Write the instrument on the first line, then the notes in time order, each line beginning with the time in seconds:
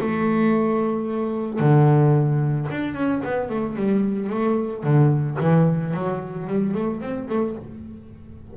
double bass
0.00 A3
1.59 D3
2.70 D4
2.94 C#4
3.24 B3
3.49 A3
3.75 G3
4.29 A3
4.83 D3
5.40 E3
5.93 F#3
6.47 G3
6.74 A3
7.01 C4
7.29 A3